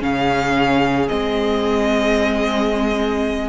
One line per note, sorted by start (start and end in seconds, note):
0.00 1.09 C#3
0.00 1.07 C#4
0.00 3.48 G#4
0.00 1.08 F5
1.08 3.48 G#3
1.08 3.48 C4
1.08 3.48 D#5